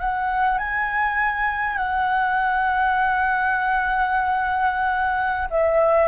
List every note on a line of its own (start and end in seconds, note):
0.00 0.58 F#5
0.58 1.77 G#5
1.77 5.48 F#5
5.50 6.08 E5